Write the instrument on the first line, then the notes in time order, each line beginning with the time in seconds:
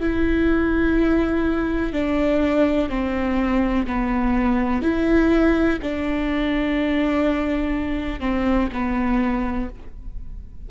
viola
0.00 E4
1.93 D4
2.89 C4
3.87 B3
4.82 E4
5.82 D4
8.20 C4
8.73 B3